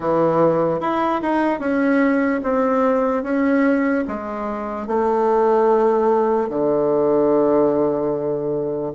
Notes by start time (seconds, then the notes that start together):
0.00 E3
0.80 E4
1.22 D#4
1.59 C#4
2.43 C4
3.23 C#4
4.07 G#3
4.87 A3
6.49 D3